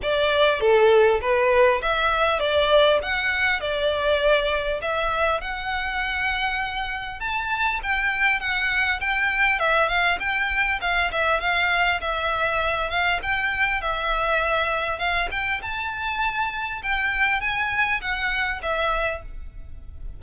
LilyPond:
\new Staff \with { instrumentName = "violin" } { \time 4/4 \tempo 4 = 100 d''4 a'4 b'4 e''4 | d''4 fis''4 d''2 | e''4 fis''2. | a''4 g''4 fis''4 g''4 |
e''8 f''8 g''4 f''8 e''8 f''4 | e''4. f''8 g''4 e''4~ | e''4 f''8 g''8 a''2 | g''4 gis''4 fis''4 e''4 | }